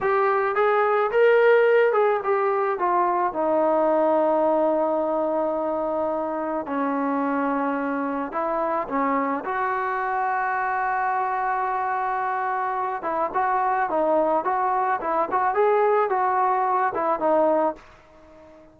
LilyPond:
\new Staff \with { instrumentName = "trombone" } { \time 4/4 \tempo 4 = 108 g'4 gis'4 ais'4. gis'8 | g'4 f'4 dis'2~ | dis'1 | cis'2. e'4 |
cis'4 fis'2.~ | fis'2.~ fis'8 e'8 | fis'4 dis'4 fis'4 e'8 fis'8 | gis'4 fis'4. e'8 dis'4 | }